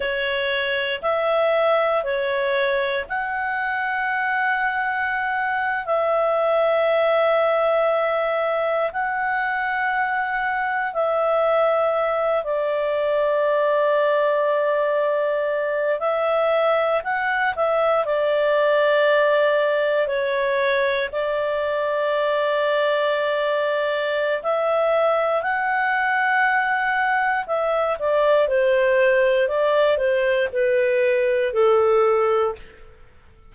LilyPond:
\new Staff \with { instrumentName = "clarinet" } { \time 4/4 \tempo 4 = 59 cis''4 e''4 cis''4 fis''4~ | fis''4.~ fis''16 e''2~ e''16~ | e''8. fis''2 e''4~ e''16~ | e''16 d''2.~ d''8 e''16~ |
e''8. fis''8 e''8 d''2 cis''16~ | cis''8. d''2.~ d''16 | e''4 fis''2 e''8 d''8 | c''4 d''8 c''8 b'4 a'4 | }